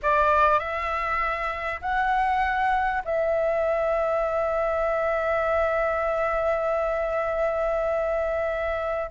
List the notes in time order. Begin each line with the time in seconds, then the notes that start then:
0.02 D5
0.59 E5
1.81 F#5
3.04 E5